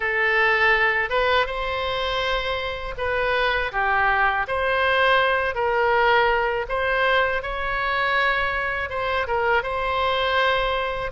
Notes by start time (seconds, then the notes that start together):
0.00 A4
1.09 B4
1.46 C5
2.97 B4
3.72 G4
4.47 C5
5.55 A#4
6.69 C5
7.42 C#5
8.89 C5
9.27 A#4
9.63 C5